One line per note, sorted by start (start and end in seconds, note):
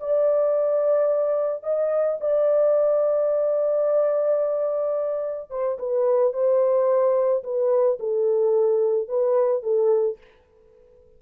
0.00 1.63 D5
1.63 2.18 D#5
2.20 5.50 D5
5.50 5.78 C5
5.79 6.33 B4
6.33 7.43 C5
7.44 7.99 B4
8.00 9.09 A4
9.09 9.63 B4
9.63 10.18 A4